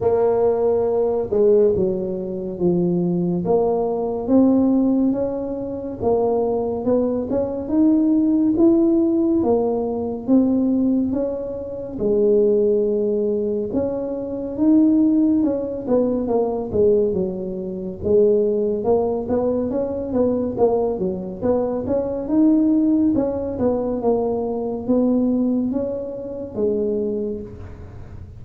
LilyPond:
\new Staff \with { instrumentName = "tuba" } { \time 4/4 \tempo 4 = 70 ais4. gis8 fis4 f4 | ais4 c'4 cis'4 ais4 | b8 cis'8 dis'4 e'4 ais4 | c'4 cis'4 gis2 |
cis'4 dis'4 cis'8 b8 ais8 gis8 | fis4 gis4 ais8 b8 cis'8 b8 | ais8 fis8 b8 cis'8 dis'4 cis'8 b8 | ais4 b4 cis'4 gis4 | }